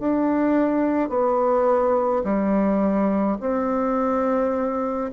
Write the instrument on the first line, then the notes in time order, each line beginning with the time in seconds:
bassoon
0.00 D4
1.10 B3
2.24 G3
3.41 C4